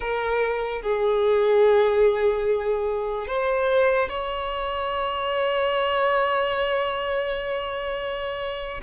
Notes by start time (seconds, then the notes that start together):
0.00 A#4
0.81 G#4
3.27 C5
4.08 C#5